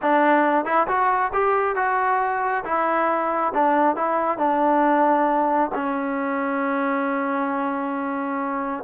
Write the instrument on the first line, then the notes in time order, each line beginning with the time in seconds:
trombone
0.02 D4
0.65 E4
0.87 F#4
1.33 G4
1.75 F#4
2.64 E4
3.54 D4
3.95 E4
4.38 D4
5.74 C#4